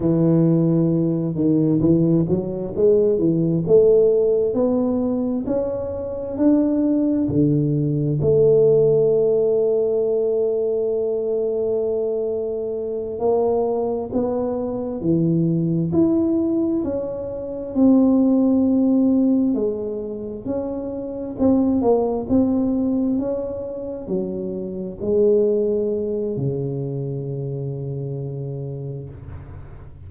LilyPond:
\new Staff \with { instrumentName = "tuba" } { \time 4/4 \tempo 4 = 66 e4. dis8 e8 fis8 gis8 e8 | a4 b4 cis'4 d'4 | d4 a2.~ | a2~ a8 ais4 b8~ |
b8 e4 e'4 cis'4 c'8~ | c'4. gis4 cis'4 c'8 | ais8 c'4 cis'4 fis4 gis8~ | gis4 cis2. | }